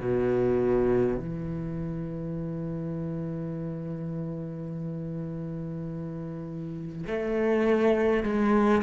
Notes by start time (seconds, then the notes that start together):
0.00 B2
1.17 E3
7.06 A3
8.23 G#3